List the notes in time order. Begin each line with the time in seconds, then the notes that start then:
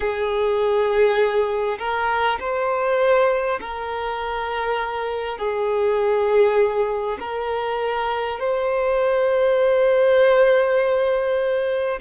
0.00 G#4
1.78 A#4
2.39 C5
3.61 A#4
5.38 G#4
7.19 A#4
8.39 C5